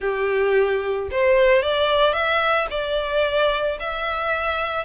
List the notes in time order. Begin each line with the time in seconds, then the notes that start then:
0.00 G4
1.11 C5
1.62 D5
2.13 E5
2.70 D5
3.79 E5